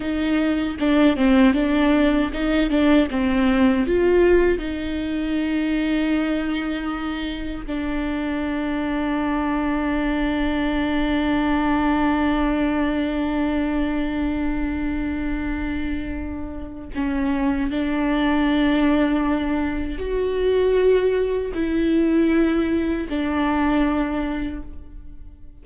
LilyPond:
\new Staff \with { instrumentName = "viola" } { \time 4/4 \tempo 4 = 78 dis'4 d'8 c'8 d'4 dis'8 d'8 | c'4 f'4 dis'2~ | dis'2 d'2~ | d'1~ |
d'1~ | d'2 cis'4 d'4~ | d'2 fis'2 | e'2 d'2 | }